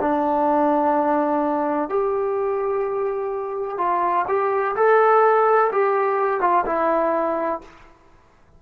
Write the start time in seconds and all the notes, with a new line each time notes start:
0.00 D4
1.89 G4
3.77 F4
4.27 G4
4.75 A4
5.72 G4
6.40 F4
6.65 E4